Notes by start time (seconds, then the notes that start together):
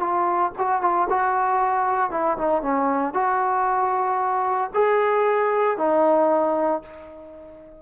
0.00 F4
0.59 F#4
0.82 F4
1.10 F#4
2.11 E4
2.38 D#4
2.63 C#4
3.14 F#4
4.74 G#4
5.78 D#4